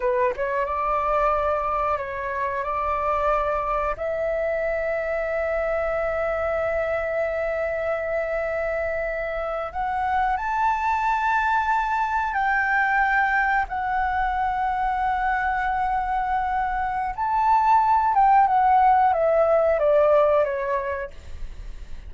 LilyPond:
\new Staff \with { instrumentName = "flute" } { \time 4/4 \tempo 4 = 91 b'8 cis''8 d''2 cis''4 | d''2 e''2~ | e''1~ | e''2~ e''8. fis''4 a''16~ |
a''2~ a''8. g''4~ g''16~ | g''8. fis''2.~ fis''16~ | fis''2 a''4. g''8 | fis''4 e''4 d''4 cis''4 | }